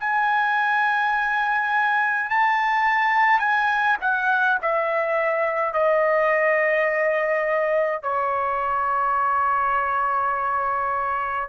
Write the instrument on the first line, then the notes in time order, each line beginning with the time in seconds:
trumpet
0.00 G#5
2.30 A5
3.39 G#5
4.01 F#5
4.62 E5
5.74 D#5
8.03 C#5